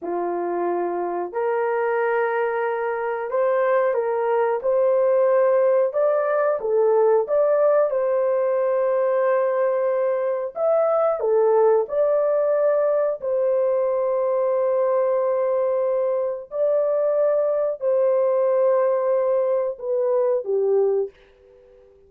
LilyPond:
\new Staff \with { instrumentName = "horn" } { \time 4/4 \tempo 4 = 91 f'2 ais'2~ | ais'4 c''4 ais'4 c''4~ | c''4 d''4 a'4 d''4 | c''1 |
e''4 a'4 d''2 | c''1~ | c''4 d''2 c''4~ | c''2 b'4 g'4 | }